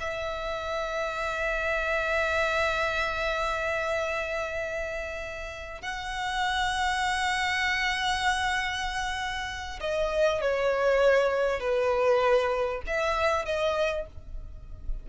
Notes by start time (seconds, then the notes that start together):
0.00 E5
5.81 F#5
9.80 D#5
10.41 C#5
11.60 B4
12.87 E5
13.45 D#5